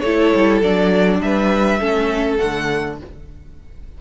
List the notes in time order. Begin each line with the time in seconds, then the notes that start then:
0.00 A3 E4 A4 C#5
0.35 G3
0.62 F#3 D4 D5
1.21 G3 B4 E5
1.79 A3 C#4 A4
2.38 D3 A3 F#5